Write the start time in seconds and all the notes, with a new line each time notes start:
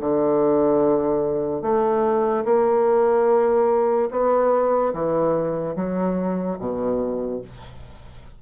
0.00 D3
1.62 A3
2.44 A#3
4.10 B3
4.93 E3
5.75 F#3
6.59 B2